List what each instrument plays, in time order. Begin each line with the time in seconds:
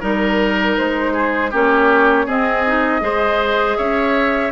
0.00 bassoon G3, clarinet D#4, oboe A#4
0.07 flute A#4
0.77 bassoon G#3, flute C5
1.13 oboe G#4
1.51 bassoon A#3, clarinet C#4, oboe G4, flute C#5
2.26 bassoon C4, clarinet C4, oboe G#4, flute D#5
2.66 clarinet D#4
3.00 bassoon G#3, clarinet G#4, oboe C5
3.78 bassoon C#4, oboe C#5, flute E5